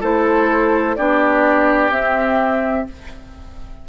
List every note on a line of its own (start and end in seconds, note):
0.00 0.97 A3
0.00 0.97 E4
0.00 0.95 A4
0.00 0.95 C5
0.95 1.90 B3
0.95 1.92 D4
0.95 2.88 G4
0.95 1.91 D5
1.90 2.85 C4
1.90 2.88 C4
1.90 2.87 E5